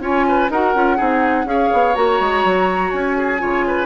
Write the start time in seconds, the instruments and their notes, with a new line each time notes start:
0.00 bassoon C#4, clarinet F4, oboe C#5, flute G#5
0.29 oboe B4
0.50 bassoon D#4, clarinet F#4, oboe A#4, flute F#5
0.75 bassoon C#4, clarinet F4
0.97 bassoon C4, clarinet D#4, oboe G#4
1.45 bassoon C#4, clarinet G#4, oboe C#5, flute F5
1.73 bassoon B3
1.95 bassoon A#3, clarinet F#4, flute A#5
2.20 bassoon G#3
2.45 bassoon F#3
2.91 bassoon C#4, flute G#5
3.18 oboe G#4
3.39 bassoon C#3, clarinet F4, oboe C#5
3.67 oboe B4